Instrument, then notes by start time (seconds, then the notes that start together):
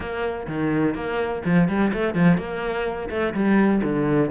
cello
0.00 A#3
0.47 D#3
0.94 A#3
1.45 F3
1.68 G3
1.93 A3
2.14 F3
2.37 A#3
3.09 A3
3.34 G3
3.83 D3